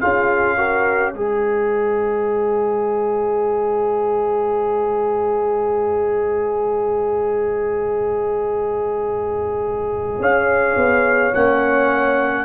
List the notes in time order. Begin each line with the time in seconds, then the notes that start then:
0.00 C#4 F4 G#4 F5
0.58 F#4 A#4
1.13 G#3 G#4 C5 D#5
10.20 C#4 C#5 F5
10.77 B3
11.34 A#3 C#4 F#5